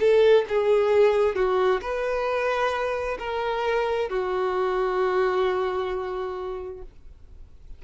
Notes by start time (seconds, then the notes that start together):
0.00 A4
0.49 G#4
1.36 F#4
1.81 B4
3.19 A#4
4.10 F#4